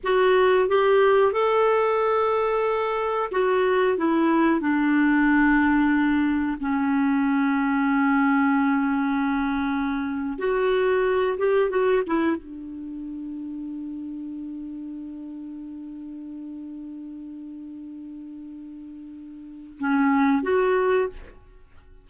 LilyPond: \new Staff \with { instrumentName = "clarinet" } { \time 4/4 \tempo 4 = 91 fis'4 g'4 a'2~ | a'4 fis'4 e'4 d'4~ | d'2 cis'2~ | cis'2.~ cis'8. fis'16~ |
fis'4~ fis'16 g'8 fis'8 e'8 d'4~ d'16~ | d'1~ | d'1~ | d'2 cis'4 fis'4 | }